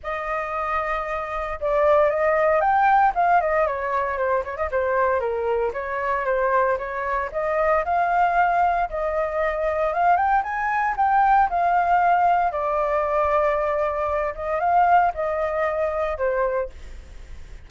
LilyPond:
\new Staff \with { instrumentName = "flute" } { \time 4/4 \tempo 4 = 115 dis''2. d''4 | dis''4 g''4 f''8 dis''8 cis''4 | c''8 cis''16 dis''16 c''4 ais'4 cis''4 | c''4 cis''4 dis''4 f''4~ |
f''4 dis''2 f''8 g''8 | gis''4 g''4 f''2 | d''2.~ d''8 dis''8 | f''4 dis''2 c''4 | }